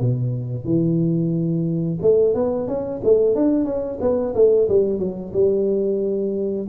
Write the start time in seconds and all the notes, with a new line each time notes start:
0.00 B2
0.65 E3
2.01 A3
2.34 B3
2.68 C#4
3.04 A3
3.35 D4
3.65 C#4
4.01 B3
4.35 A3
4.69 G3
4.98 F#3
5.33 G3